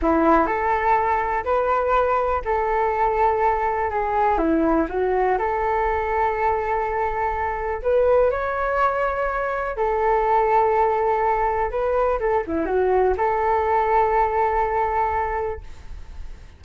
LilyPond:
\new Staff \with { instrumentName = "flute" } { \time 4/4 \tempo 4 = 123 e'4 a'2 b'4~ | b'4 a'2. | gis'4 e'4 fis'4 a'4~ | a'1 |
b'4 cis''2. | a'1 | b'4 a'8 e'8 fis'4 a'4~ | a'1 | }